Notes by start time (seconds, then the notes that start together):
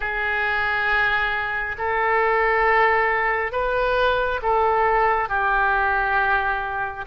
0.00 G#4
1.78 A4
3.52 B4
4.42 A4
5.28 G4